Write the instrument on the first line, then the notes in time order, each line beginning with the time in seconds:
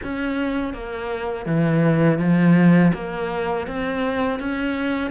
cello
0.03 C#4
0.73 A#3
1.46 E3
2.19 F3
2.93 A#3
3.67 C4
4.39 C#4